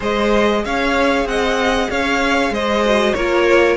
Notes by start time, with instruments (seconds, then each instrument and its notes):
0.00 cello G#3, viola G#4, violin C5 D#5
0.64 cello C#4, violin C#5 F5
1.25 cello C4, violin D#5 F#5
1.90 cello C#4, violin C#5 F5
2.50 cello G#3, violin C5 D#5
2.85 viola F#4
3.13 cello A#3, viola F4, violin A#4 C#5